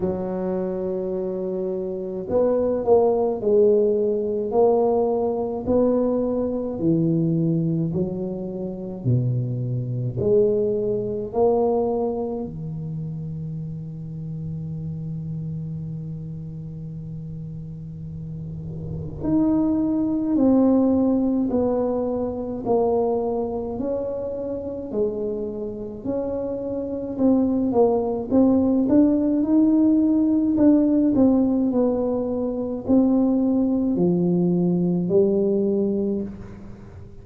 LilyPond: \new Staff \with { instrumentName = "tuba" } { \time 4/4 \tempo 4 = 53 fis2 b8 ais8 gis4 | ais4 b4 e4 fis4 | b,4 gis4 ais4 dis4~ | dis1~ |
dis4 dis'4 c'4 b4 | ais4 cis'4 gis4 cis'4 | c'8 ais8 c'8 d'8 dis'4 d'8 c'8 | b4 c'4 f4 g4 | }